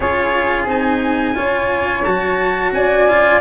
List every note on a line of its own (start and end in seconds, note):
0.00 0.66 C#4
0.00 0.67 F4
0.00 1.34 G#4
0.00 0.66 C#5
0.66 1.34 C4
0.66 1.35 D#4
0.66 2.04 G#5
1.35 2.05 C#4
1.35 2.03 F4
1.35 2.71 C#5
2.04 2.72 F#3
2.04 3.08 F#4
2.04 2.72 A5
2.72 3.40 C#4
2.72 3.41 D5
2.72 3.41 G#5
3.08 3.41 F4